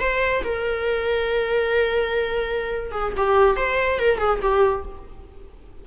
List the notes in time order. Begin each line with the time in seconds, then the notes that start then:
0.00 C5
0.44 A#4
2.92 G#4
3.17 G4
3.56 C5
3.99 A#4
4.18 G#4
4.42 G4